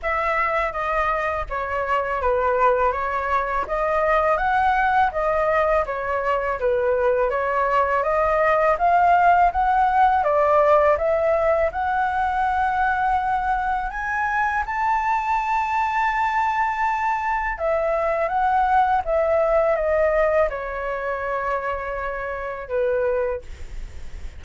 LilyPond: \new Staff \with { instrumentName = "flute" } { \time 4/4 \tempo 4 = 82 e''4 dis''4 cis''4 b'4 | cis''4 dis''4 fis''4 dis''4 | cis''4 b'4 cis''4 dis''4 | f''4 fis''4 d''4 e''4 |
fis''2. gis''4 | a''1 | e''4 fis''4 e''4 dis''4 | cis''2. b'4 | }